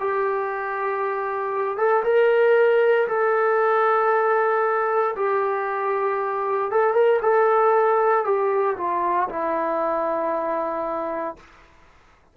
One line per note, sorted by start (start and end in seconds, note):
0.00 1.78 G4
1.78 2.04 A4
2.04 3.08 A#4
3.08 5.15 A4
5.16 6.71 G4
6.71 6.94 A4
6.94 7.20 A#4
7.22 8.25 A4
8.25 8.76 G4
8.77 9.29 F4
9.30 11.37 E4